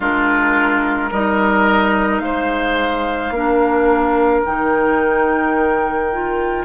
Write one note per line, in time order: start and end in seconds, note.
0.00 1.11 G#3
0.00 1.12 D4
0.00 1.09 F4
0.00 1.12 A#4
1.10 2.20 G3
1.10 3.34 D#4
1.10 2.22 A#4
1.10 2.19 D#5
2.19 3.30 G#3
2.19 3.34 C5
2.19 4.41 F5
3.30 4.41 A#3
3.30 4.45 D4
3.30 6.64 A#4
4.45 6.64 D#3
4.45 6.12 D#4
4.45 6.64 G5
6.12 6.64 F4